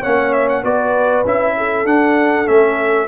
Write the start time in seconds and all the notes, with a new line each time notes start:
0.00 C#4 C#5 F#5
0.06 A#3
0.33 E5
0.49 F#5
0.64 B3 F#4 B4 D5
1.25 C#4 E4 E5
1.57 A4
1.85 D4 F#5
2.46 A3 C#4 E5